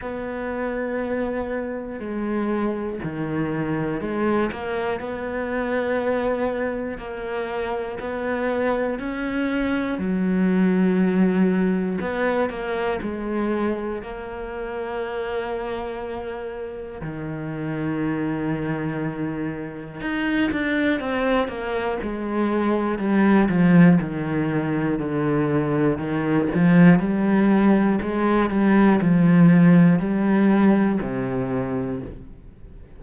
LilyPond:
\new Staff \with { instrumentName = "cello" } { \time 4/4 \tempo 4 = 60 b2 gis4 dis4 | gis8 ais8 b2 ais4 | b4 cis'4 fis2 | b8 ais8 gis4 ais2~ |
ais4 dis2. | dis'8 d'8 c'8 ais8 gis4 g8 f8 | dis4 d4 dis8 f8 g4 | gis8 g8 f4 g4 c4 | }